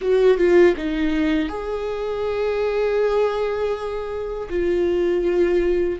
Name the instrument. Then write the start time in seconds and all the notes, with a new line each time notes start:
viola
0.01 F#4
0.37 F4
0.77 D#4
1.48 G#4
4.49 F4